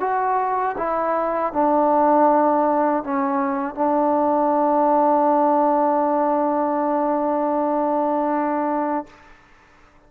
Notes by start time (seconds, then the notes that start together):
0.00 F#4
0.78 E4
1.53 D4
3.03 C#4
3.75 D4